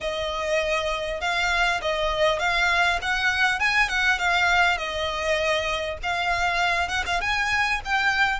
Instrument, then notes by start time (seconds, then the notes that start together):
violin
0.00 D#5
1.21 F5
1.81 D#5
2.39 F5
3.01 F#5
3.59 G#5
3.88 F#5
4.18 F5
4.77 D#5
6.02 F5
6.88 F#5
7.06 F5
7.20 G#5
7.84 G5